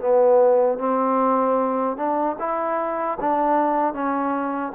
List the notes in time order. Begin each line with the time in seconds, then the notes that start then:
0.00 B3
0.78 C4
1.97 D4
2.39 E4
3.20 D4
3.93 C#4